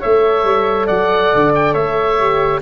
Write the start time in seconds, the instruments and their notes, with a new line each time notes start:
0.00 tuba A3, horn A4, flute C#5, oboe E5
0.44 tuba G3
0.87 tuba F#3, flute D5, oboe F#5
1.35 tuba D3
1.55 oboe G5
1.74 tuba A3, flute C#5, oboe E5
2.19 horn G4